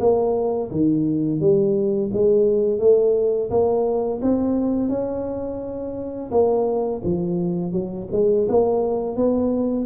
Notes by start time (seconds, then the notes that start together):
0.00 A#3
0.71 D#3
1.40 G3
2.13 G#3
2.79 A3
3.50 A#3
4.22 C4
4.89 C#4
6.31 A#3
7.04 F3
7.72 F#3
8.12 G#3
8.49 A#3
9.16 B3